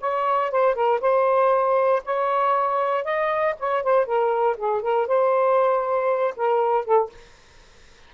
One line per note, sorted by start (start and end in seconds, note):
0.00 0.51 C#5
0.51 0.74 C5
0.74 1.00 A#4
1.01 2.02 C5
2.04 3.04 C#5
3.04 3.55 D#5
3.59 3.83 C#5
3.83 4.05 C5
4.05 4.56 A#4
4.57 4.81 G#4
4.81 5.07 A#4
5.07 6.34 C5
6.36 6.84 A#4
6.84 7.10 A4